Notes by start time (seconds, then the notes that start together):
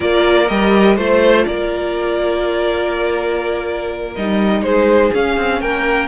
0.00 A#3 F4 A#4 D5
0.48 G3 G4 D#5
0.96 A3 F4 C5
1.45 A#3 A#4 D5
4.16 G3 D#4 D#5
4.62 G#3 G#4 C5
5.12 C#4 F5
5.36 C4
5.61 A#3 A#4 G5